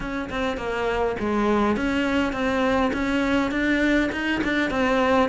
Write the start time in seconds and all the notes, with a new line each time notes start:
0.00 C#4
0.29 C4
0.57 A#3
1.19 G#3
1.76 C#4
2.32 C4
2.93 C#4
3.51 D4
4.11 D#4
4.43 D4
4.70 C4